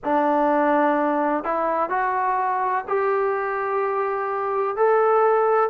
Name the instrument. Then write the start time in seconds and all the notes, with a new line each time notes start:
trombone
0.03 D4
1.43 E4
1.89 F#4
2.87 G4
4.76 A4